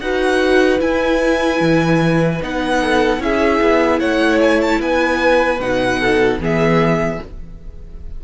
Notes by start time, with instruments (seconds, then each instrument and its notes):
0.00 cello D#4, viola F#4, violin B4 F#5
0.79 viola E4, cello E4, violin G#5
1.61 cello E3
2.42 cello B3, viola D#4, violin F#5
2.80 violin A4
3.19 cello C#4, viola E4, violin G#4 E5
3.62 cello B3
4.00 cello A3, violin C#5 F#5
4.41 violin G#5
4.62 violin A5
4.79 cello B3, violin B4 G#5
5.60 cello B2, viola D#4, violin F#5
5.99 violin A4
6.39 cello E3, viola B3, violin G#4 E5